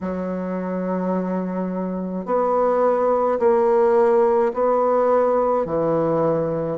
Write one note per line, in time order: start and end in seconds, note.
0.00 2.25 F#3
2.25 3.39 B3
3.39 4.52 A#3
4.53 5.65 B3
5.65 6.77 E3